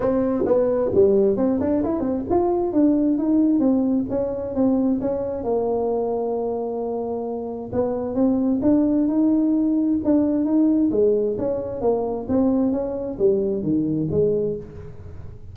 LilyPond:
\new Staff \with { instrumentName = "tuba" } { \time 4/4 \tempo 4 = 132 c'4 b4 g4 c'8 d'8 | e'8 c'8 f'4 d'4 dis'4 | c'4 cis'4 c'4 cis'4 | ais1~ |
ais4 b4 c'4 d'4 | dis'2 d'4 dis'4 | gis4 cis'4 ais4 c'4 | cis'4 g4 dis4 gis4 | }